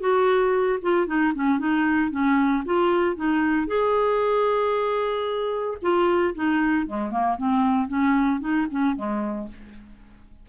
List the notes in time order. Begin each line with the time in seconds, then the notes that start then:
0.00 F#4
0.82 F4
1.06 D#4
1.35 C#4
1.59 D#4
2.11 C#4
2.65 F4
3.16 D#4
3.67 G#4
5.82 F4
6.35 D#4
6.86 G#3
7.11 A#3
7.38 C4
7.88 C#4
8.40 D#4
8.71 C#4
8.95 G#3